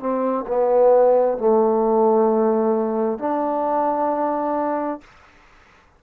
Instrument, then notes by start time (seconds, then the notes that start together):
trombone
0.00 C4
0.48 B3
1.38 A3
3.19 D4